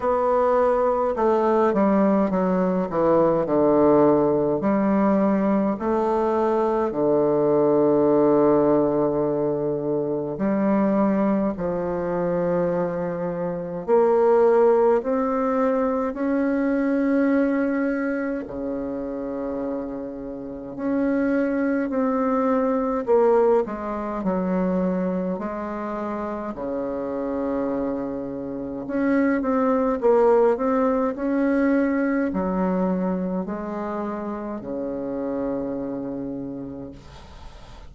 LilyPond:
\new Staff \with { instrumentName = "bassoon" } { \time 4/4 \tempo 4 = 52 b4 a8 g8 fis8 e8 d4 | g4 a4 d2~ | d4 g4 f2 | ais4 c'4 cis'2 |
cis2 cis'4 c'4 | ais8 gis8 fis4 gis4 cis4~ | cis4 cis'8 c'8 ais8 c'8 cis'4 | fis4 gis4 cis2 | }